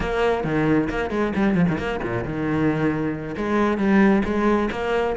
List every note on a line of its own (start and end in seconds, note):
0.00 0.44 A#3
0.44 0.88 D#3
0.89 1.10 A#3
1.10 1.32 G#3
1.35 1.54 G3
1.54 1.66 F3
1.68 1.78 D#3
1.78 2.00 A#3
2.03 2.23 A#2
2.23 3.35 D#3
3.36 3.77 G#3
3.77 4.22 G3
4.24 4.69 G#3
4.71 5.16 A#3